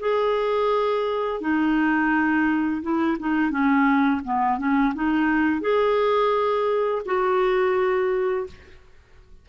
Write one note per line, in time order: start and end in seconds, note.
0.00 1.41 G#4
1.41 2.82 D#4
2.82 3.18 E4
3.20 3.51 D#4
3.51 4.21 C#4
4.24 4.58 B3
4.58 4.93 C#4
4.95 5.61 D#4
5.61 7.02 G#4
7.06 8.47 F#4